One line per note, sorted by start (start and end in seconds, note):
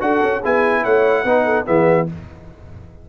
0.00 0.21 D4
0.00 0.41 F#4
0.00 0.40 A4
0.00 0.42 F#5
0.23 0.43 C#4
0.40 0.85 B3
0.40 1.26 E4
0.40 0.81 G#4
0.40 0.84 G#5
0.83 1.24 A3
0.83 1.23 C#5
0.83 1.66 F#5
1.23 1.65 B3
1.23 1.66 D#4
1.23 1.43 B4
1.45 1.65 A4
1.66 2.09 E3
1.66 2.06 B3
1.66 2.07 G#4
1.66 2.07 E5